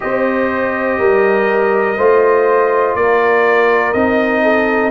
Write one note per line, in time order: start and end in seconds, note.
0.00 0.98 C4
0.00 1.95 G4
0.00 0.99 C5
0.00 2.95 D#5
0.98 1.97 G3
0.98 1.97 A#4
1.97 2.94 A3
1.97 3.94 F4
1.97 2.95 C5
2.94 3.93 A#3
2.94 4.42 A#4
2.94 3.92 D5
3.92 4.91 C4
3.92 4.91 D#4
3.92 4.91 D#5
4.42 4.91 A4